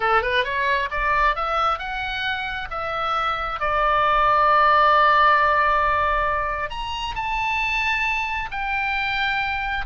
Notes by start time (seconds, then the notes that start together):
0.00 A4
0.22 B4
0.44 C#5
0.90 D5
1.35 E5
1.78 F#5
2.70 E5
3.60 D5
6.70 A#5
7.15 A5
8.51 G5